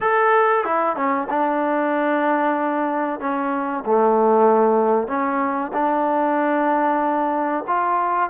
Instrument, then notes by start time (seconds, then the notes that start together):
trombone
0.00 A4
0.64 E4
0.96 C#4
1.29 D4
3.20 C#4
3.85 A3
5.07 C#4
5.73 D4
7.67 F4